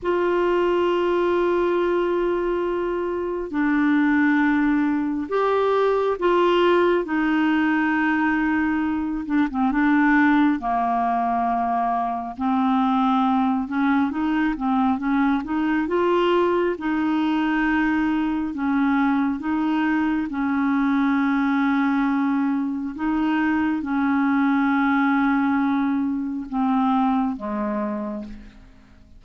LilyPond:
\new Staff \with { instrumentName = "clarinet" } { \time 4/4 \tempo 4 = 68 f'1 | d'2 g'4 f'4 | dis'2~ dis'8 d'16 c'16 d'4 | ais2 c'4. cis'8 |
dis'8 c'8 cis'8 dis'8 f'4 dis'4~ | dis'4 cis'4 dis'4 cis'4~ | cis'2 dis'4 cis'4~ | cis'2 c'4 gis4 | }